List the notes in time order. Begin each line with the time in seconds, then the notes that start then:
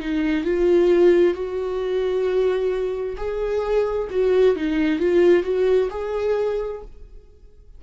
0.00 D#4
0.45 F4
1.35 F#4
3.17 G#4
4.11 F#4
4.56 D#4
5.00 F4
5.44 F#4
5.91 G#4